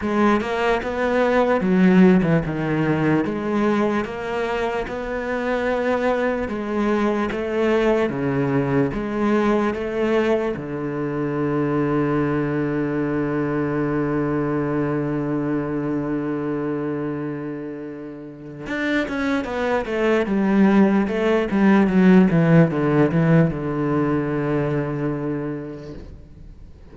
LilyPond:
\new Staff \with { instrumentName = "cello" } { \time 4/4 \tempo 4 = 74 gis8 ais8 b4 fis8. e16 dis4 | gis4 ais4 b2 | gis4 a4 cis4 gis4 | a4 d2.~ |
d1~ | d2. d'8 cis'8 | b8 a8 g4 a8 g8 fis8 e8 | d8 e8 d2. | }